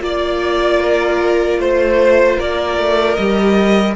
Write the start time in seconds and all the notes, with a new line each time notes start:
0.00 A#3 F4 D5
0.81 A#4
1.58 A3 C5
2.37 A#3 A#4 D5
2.78 A3
3.15 G3 G4 D#5